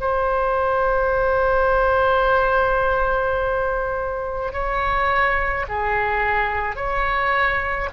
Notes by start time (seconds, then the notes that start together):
0.00 C5
4.52 C#5
5.68 G#4
6.76 C#5